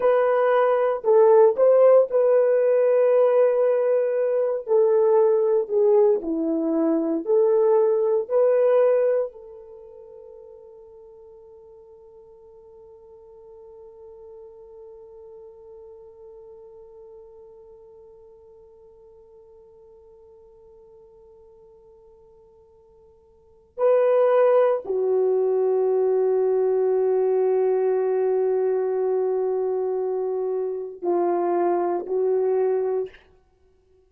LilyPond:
\new Staff \with { instrumentName = "horn" } { \time 4/4 \tempo 4 = 58 b'4 a'8 c''8 b'2~ | b'8 a'4 gis'8 e'4 a'4 | b'4 a'2.~ | a'1~ |
a'1~ | a'2. b'4 | fis'1~ | fis'2 f'4 fis'4 | }